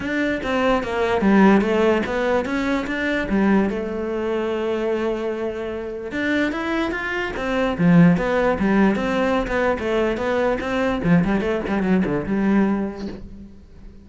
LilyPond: \new Staff \with { instrumentName = "cello" } { \time 4/4 \tempo 4 = 147 d'4 c'4 ais4 g4 | a4 b4 cis'4 d'4 | g4 a2.~ | a2. d'4 |
e'4 f'4 c'4 f4 | b4 g4 c'4~ c'16 b8. | a4 b4 c'4 f8 g8 | a8 g8 fis8 d8 g2 | }